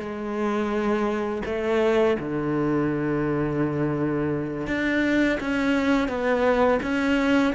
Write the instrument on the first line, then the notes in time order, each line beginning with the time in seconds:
cello
0.00 G#3
1.46 A3
2.20 D3
4.68 D4
5.41 C#4
6.09 B3
6.83 C#4